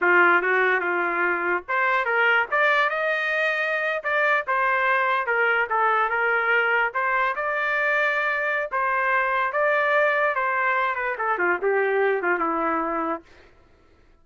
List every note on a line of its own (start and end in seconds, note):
0.01 0.42 F4
0.42 0.80 F#4
0.80 1.63 F4
1.68 2.05 C5
2.05 2.46 A#4
2.51 2.89 D5
2.89 4.03 D#5
4.03 4.45 D5
4.47 5.26 C5
5.26 5.67 A#4
5.69 6.09 A4
6.09 6.92 A#4
6.93 7.35 C5
7.35 8.70 D5
8.71 9.52 C5
9.52 10.35 D5
10.35 10.95 C5
10.95 11.16 B4
11.17 11.38 A4
11.38 11.59 F4
11.62 12.22 G4
12.22 12.39 F4
12.39 13.22 E4